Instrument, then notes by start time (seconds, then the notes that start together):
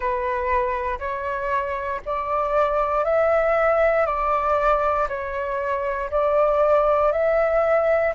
flute
0.00 B4
0.99 C#5
2.05 D5
3.04 E5
4.05 D5
5.08 C#5
6.10 D5
7.11 E5